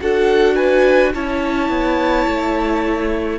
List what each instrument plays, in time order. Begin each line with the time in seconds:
0.00 cello D4, viola F#4, violin A4 F#5
0.55 violin B4 G#5
1.14 cello C#4, viola E4, violin C#5 A5
1.69 cello B3
2.26 cello A3